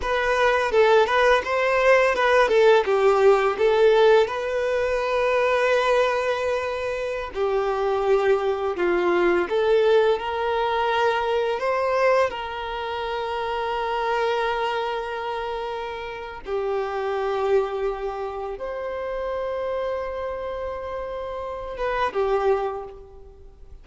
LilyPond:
\new Staff \with { instrumentName = "violin" } { \time 4/4 \tempo 4 = 84 b'4 a'8 b'8 c''4 b'8 a'8 | g'4 a'4 b'2~ | b'2~ b'16 g'4.~ g'16~ | g'16 f'4 a'4 ais'4.~ ais'16~ |
ais'16 c''4 ais'2~ ais'8.~ | ais'2. g'4~ | g'2 c''2~ | c''2~ c''8 b'8 g'4 | }